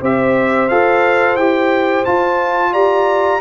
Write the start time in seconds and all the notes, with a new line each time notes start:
0.00 C4 G4 C5 E5
0.69 F4 A4 F5
1.36 E4 G4 G5
2.05 F4 A5
2.73 G4 D5 A#5